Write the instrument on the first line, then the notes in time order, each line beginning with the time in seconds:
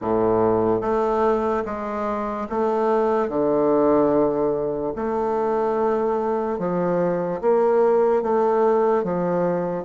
bassoon
0.01 A2
0.81 A3
1.65 G#3
2.49 A3
3.28 D3
4.95 A3
6.58 F3
7.41 A#3
8.22 A3
9.03 F3